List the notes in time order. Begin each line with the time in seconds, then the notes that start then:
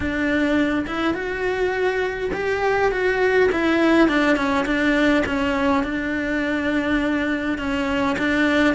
0.00 D4
0.86 E4
1.14 F#4
2.33 G4
2.91 F#4
3.52 E4
4.08 D4
4.36 C#4
4.65 D4
5.26 C#4
5.83 D4
7.58 C#4
8.18 D4